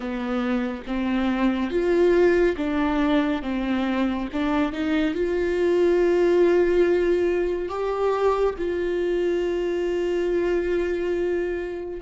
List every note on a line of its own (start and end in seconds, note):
0.00 0.82 B3
0.86 1.70 C4
1.70 2.56 F4
2.56 3.42 D4
3.42 4.28 C4
4.32 4.72 D4
4.72 5.14 D#4
5.14 7.68 F4
7.68 8.54 G4
8.58 12.00 F4